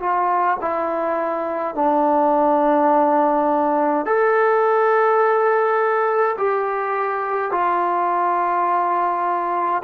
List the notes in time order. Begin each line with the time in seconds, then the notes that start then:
0.00 F4
0.61 E4
1.76 D4
4.06 A4
6.38 G4
7.52 F4